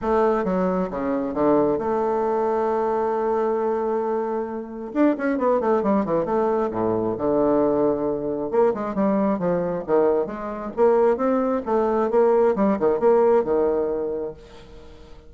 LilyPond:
\new Staff \with { instrumentName = "bassoon" } { \time 4/4 \tempo 4 = 134 a4 fis4 cis4 d4 | a1~ | a2. d'8 cis'8 | b8 a8 g8 e8 a4 a,4 |
d2. ais8 gis8 | g4 f4 dis4 gis4 | ais4 c'4 a4 ais4 | g8 dis8 ais4 dis2 | }